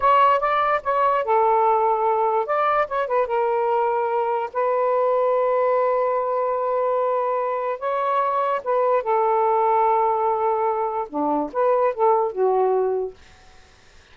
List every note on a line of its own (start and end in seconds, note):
0.00 0.40 C#5
0.40 0.81 D5
0.83 1.24 C#5
1.24 2.46 A4
2.46 2.87 D5
2.87 3.07 C#5
3.07 3.26 B4
3.26 4.50 A#4
4.53 7.79 B4
7.79 8.61 C#5
8.64 9.02 B4
9.02 11.08 A4
11.09 11.50 D4
11.52 11.93 B4
11.94 12.32 A4
12.32 13.14 F#4